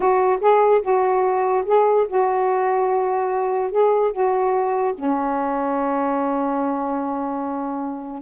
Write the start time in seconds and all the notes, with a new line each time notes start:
0.00 F#4
0.40 G#4
0.82 F#4
1.65 G#4
2.07 F#4
3.71 G#4
4.12 F#4
4.94 C#4